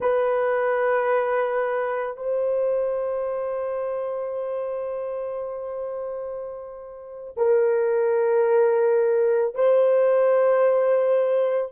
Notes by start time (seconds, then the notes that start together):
0.00 B4
2.16 C5
7.36 A#4
9.55 C5